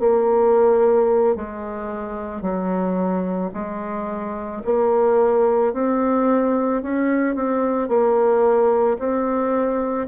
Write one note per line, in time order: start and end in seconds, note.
0.00 1.36 A#3
1.36 2.42 G#3
2.42 3.51 F#3
3.54 4.63 G#3
4.65 5.74 A#3
5.74 6.83 C4
6.83 7.36 C#4
7.36 7.88 C4
7.88 8.98 A#3
8.99 10.08 C4